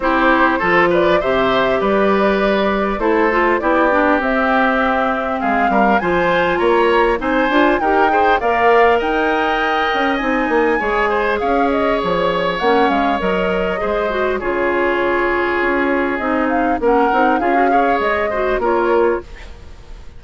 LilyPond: <<
  \new Staff \with { instrumentName = "flute" } { \time 4/4 \tempo 4 = 100 c''4. d''8 e''4 d''4~ | d''4 c''4 d''4 e''4~ | e''4 f''4 gis''4 ais''4 | gis''4 g''4 f''4 g''4~ |
g''4 gis''2 f''8 dis''8 | cis''4 fis''8 f''8 dis''2 | cis''2. dis''8 f''8 | fis''4 f''4 dis''4 cis''4 | }
  \new Staff \with { instrumentName = "oboe" } { \time 4/4 g'4 a'8 b'8 c''4 b'4~ | b'4 a'4 g'2~ | g'4 gis'8 ais'8 c''4 cis''4 | c''4 ais'8 c''8 d''4 dis''4~ |
dis''2 cis''8 c''8 cis''4~ | cis''2. c''4 | gis'1 | ais'4 gis'8 cis''4 c''8 ais'4 | }
  \new Staff \with { instrumentName = "clarinet" } { \time 4/4 e'4 f'4 g'2~ | g'4 e'8 f'8 e'8 d'8 c'4~ | c'2 f'2 | dis'8 f'8 g'8 gis'8 ais'2~ |
ais'4 dis'4 gis'2~ | gis'4 cis'4 ais'4 gis'8 fis'8 | f'2. dis'4 | cis'8 dis'8 f'16 fis'16 gis'4 fis'8 f'4 | }
  \new Staff \with { instrumentName = "bassoon" } { \time 4/4 c'4 f4 c4 g4~ | g4 a4 b4 c'4~ | c'4 gis8 g8 f4 ais4 | c'8 d'8 dis'4 ais4 dis'4~ |
dis'8 cis'8 c'8 ais8 gis4 cis'4 | f4 ais8 gis8 fis4 gis4 | cis2 cis'4 c'4 | ais8 c'8 cis'4 gis4 ais4 | }
>>